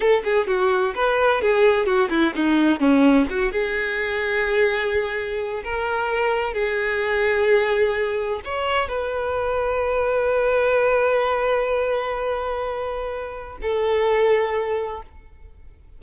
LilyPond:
\new Staff \with { instrumentName = "violin" } { \time 4/4 \tempo 4 = 128 a'8 gis'8 fis'4 b'4 gis'4 | fis'8 e'8 dis'4 cis'4 fis'8 gis'8~ | gis'1 | ais'2 gis'2~ |
gis'2 cis''4 b'4~ | b'1~ | b'1~ | b'4 a'2. | }